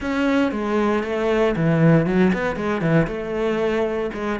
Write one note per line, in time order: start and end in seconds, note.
0.00 0.51 C#4
0.51 1.03 G#3
1.03 1.55 A3
1.56 2.06 E3
2.06 2.32 F#3
2.33 2.56 B3
2.56 2.81 G#3
2.81 3.07 E3
3.07 4.10 A3
4.13 4.39 G#3